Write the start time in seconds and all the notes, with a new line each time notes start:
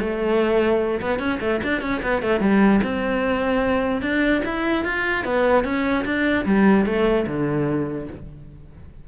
0.00 A3
1.01 B3
1.19 C#4
1.41 A3
1.64 D4
1.82 C#4
2.03 B3
2.22 A3
2.41 G3
2.84 C4
4.02 D4
4.45 E4
4.85 F4
5.25 B3
5.65 C#4
6.05 D4
6.46 G3
6.86 A3
7.27 D3